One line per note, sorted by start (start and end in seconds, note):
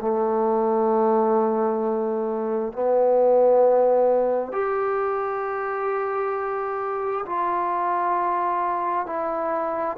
0.00 2.72 A3
2.72 4.52 B3
4.52 7.25 G4
7.25 9.06 F4
9.06 9.97 E4